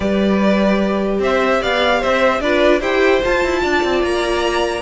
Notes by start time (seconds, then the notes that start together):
0.00 G3 G4 B4 D5
1.19 C4 C5 E5
1.61 B3 D5 F5
1.99 C4 C5 E5
2.40 D4 F4 B4 D5
2.79 E4 G4 C5 G5
3.22 F4 A5
3.43 E4
3.61 D4 D5
3.84 C4
4.03 A#3 A#5